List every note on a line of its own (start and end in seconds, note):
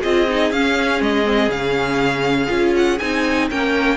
0.00 0.52 C4
0.00 0.28 F4
0.00 3.47 G#4
0.00 0.52 D#5
0.29 0.53 D#4
0.52 1.01 C#4
0.52 1.24 C#4
0.52 1.02 F5
1.01 1.49 G#3
1.01 1.51 D#5
1.24 1.49 C4
1.49 2.48 C#3
1.49 2.48 C#4
1.49 2.75 F5
2.48 3.00 C#4
2.48 2.97 F4
2.77 2.99 F#5
2.99 3.51 C4
2.99 3.51 D#4
2.99 3.48 G#5
3.50 3.97 A#3
3.50 3.97 C#4
3.50 3.97 A#4
3.50 3.97 G5